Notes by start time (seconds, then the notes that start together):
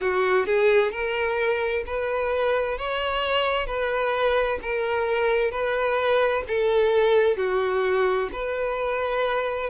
0.00 F#4
0.46 G#4
0.91 A#4
1.86 B4
2.78 C#5
3.66 B4
4.62 A#4
5.51 B4
6.47 A4
7.36 F#4
8.32 B4